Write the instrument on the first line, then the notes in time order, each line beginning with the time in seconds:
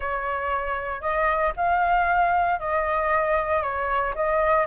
flute
0.00 C#5
1.01 D#5
1.56 F5
2.59 D#5
3.62 C#5
4.15 D#5